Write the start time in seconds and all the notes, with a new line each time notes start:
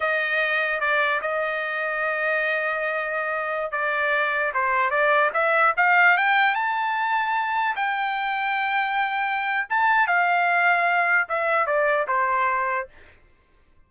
0.00 D#5
0.80 D5
1.21 D#5
3.71 D5
4.54 C5
4.90 D5
5.33 E5
5.76 F5
6.17 G5
6.55 A5
7.75 G5
9.69 A5
10.07 F5
11.28 E5
11.66 D5
12.07 C5